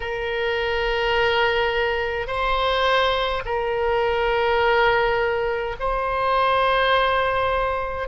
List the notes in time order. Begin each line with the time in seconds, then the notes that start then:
0.00 A#4
2.27 C5
3.45 A#4
5.80 C5